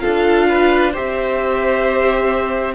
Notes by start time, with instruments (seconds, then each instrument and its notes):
0.00 cello D4, viola F4, violin A4 F5
0.48 violin B4
0.92 viola G4, violin C5 E5
0.98 cello C4